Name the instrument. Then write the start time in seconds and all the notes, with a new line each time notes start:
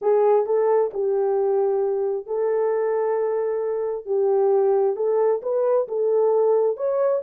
horn
0.01 G#4
0.46 A4
0.93 G4
2.26 A4
4.05 G4
4.96 A4
5.42 B4
5.87 A4
6.76 C#5